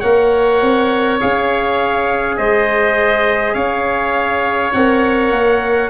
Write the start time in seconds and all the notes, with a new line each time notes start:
0.00 A#3 A#4 C#5 F#5
0.62 C4
1.21 C#4 G#4 F5
2.37 G#3 C5 D#5
3.54 C#4 C#5 F5
4.73 C4 A#4 F#5
5.31 A#3